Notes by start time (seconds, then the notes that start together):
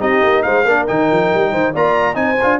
0.00 C4 D#4 G4 D#5
0.23 A#3
0.43 G#3 C5 F5
0.65 A#3 D4 A#4
0.88 D#3 D#4 G5
1.12 F3
1.35 G3
1.51 D#3 C5
1.73 A#3 F4 D5 A#5
2.14 C4 D#4 G#5
2.22 C5
2.42 D4 F4